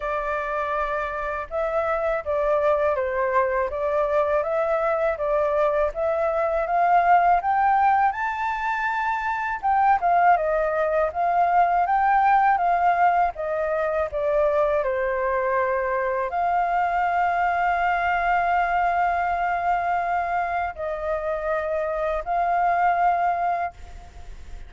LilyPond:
\new Staff \with { instrumentName = "flute" } { \time 4/4 \tempo 4 = 81 d''2 e''4 d''4 | c''4 d''4 e''4 d''4 | e''4 f''4 g''4 a''4~ | a''4 g''8 f''8 dis''4 f''4 |
g''4 f''4 dis''4 d''4 | c''2 f''2~ | f''1 | dis''2 f''2 | }